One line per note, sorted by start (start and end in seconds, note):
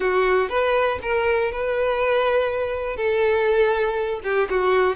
0.00 0.49 F#4
0.49 0.98 B4
1.02 1.51 A#4
1.51 2.96 B4
2.96 4.20 A4
4.23 4.48 G4
4.50 4.95 F#4